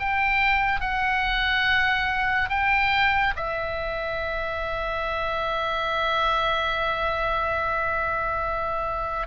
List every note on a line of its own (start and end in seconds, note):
0.00 0.81 G5
0.81 2.50 F#5
2.50 3.34 G5
3.36 9.28 E5